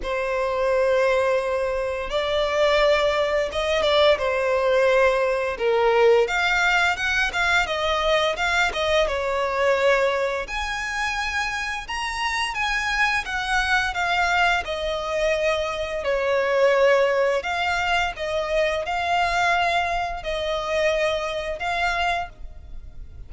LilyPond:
\new Staff \with { instrumentName = "violin" } { \time 4/4 \tempo 4 = 86 c''2. d''4~ | d''4 dis''8 d''8 c''2 | ais'4 f''4 fis''8 f''8 dis''4 | f''8 dis''8 cis''2 gis''4~ |
gis''4 ais''4 gis''4 fis''4 | f''4 dis''2 cis''4~ | cis''4 f''4 dis''4 f''4~ | f''4 dis''2 f''4 | }